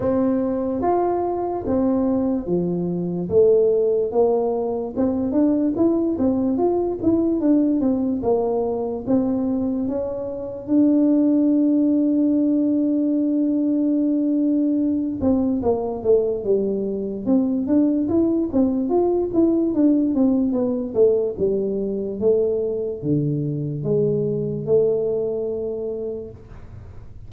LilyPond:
\new Staff \with { instrumentName = "tuba" } { \time 4/4 \tempo 4 = 73 c'4 f'4 c'4 f4 | a4 ais4 c'8 d'8 e'8 c'8 | f'8 e'8 d'8 c'8 ais4 c'4 | cis'4 d'2.~ |
d'2~ d'8 c'8 ais8 a8 | g4 c'8 d'8 e'8 c'8 f'8 e'8 | d'8 c'8 b8 a8 g4 a4 | d4 gis4 a2 | }